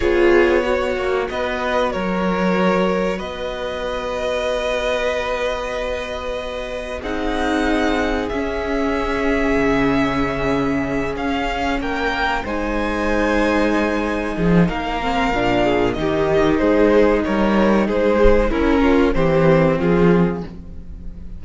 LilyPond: <<
  \new Staff \with { instrumentName = "violin" } { \time 4/4 \tempo 4 = 94 cis''2 dis''4 cis''4~ | cis''4 dis''2.~ | dis''2. fis''4~ | fis''4 e''2.~ |
e''4. f''4 g''4 gis''8~ | gis''2. f''4~ | f''4 dis''4 c''4 cis''4 | c''4 ais'4 c''4 gis'4 | }
  \new Staff \with { instrumentName = "violin" } { \time 4/4 gis'4 fis'4 b'4 ais'4~ | ais'4 b'2.~ | b'2. gis'4~ | gis'1~ |
gis'2~ gis'8 ais'4 c''8~ | c''2~ c''8 gis'8 ais'4~ | ais'8 gis'8 g'4 gis'4 ais'4 | gis'4 e'8 f'8 g'4 f'4 | }
  \new Staff \with { instrumentName = "viola" } { \time 4/4 f'4 fis'2.~ | fis'1~ | fis'2. dis'4~ | dis'4 cis'2.~ |
cis'2.~ cis'8 dis'8~ | dis'2.~ dis'8 c'8 | d'4 dis'2.~ | dis'4 cis'4 c'2 | }
  \new Staff \with { instrumentName = "cello" } { \time 4/4 b4. ais8 b4 fis4~ | fis4 b2.~ | b2. c'4~ | c'4 cis'2 cis4~ |
cis4. cis'4 ais4 gis8~ | gis2~ gis8 f8 ais4 | ais,4 dis4 gis4 g4 | gis4 cis'4 e4 f4 | }
>>